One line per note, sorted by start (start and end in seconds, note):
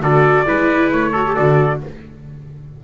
0.00 0.45 D3
0.00 0.46 F#4
0.00 0.47 A4
0.00 0.92 D5
0.46 0.92 G#3
0.46 1.14 E4
0.46 1.12 B4
0.92 1.36 A3
0.92 1.36 C#5
1.12 1.26 F#4
1.12 1.79 A4
1.27 1.36 G4
1.36 1.84 D3
1.36 1.81 F#4
1.36 1.81 D5